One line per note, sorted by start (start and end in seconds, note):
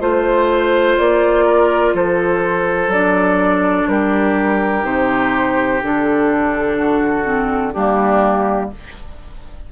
0.00 0.97 A3
0.00 2.90 F4
0.00 1.45 C5
0.00 0.98 C5
0.98 1.94 A#3
0.98 1.95 D5
1.45 1.93 A#4
1.94 2.87 F3
1.94 3.89 A4
1.94 2.92 C5
2.87 3.84 F#3
2.87 4.82 D4
2.87 3.88 D5
3.87 4.83 G3
3.87 6.77 G4
3.87 4.85 A#4
4.82 5.80 C3
4.82 5.79 D#4
4.82 5.82 C5
5.82 7.75 D3
5.82 7.24 D4
5.82 7.73 A4
6.77 7.73 F#4
7.24 7.72 C4
7.73 8.72 G3
7.73 8.71 A#3
7.73 8.70 D4
7.73 8.70 G4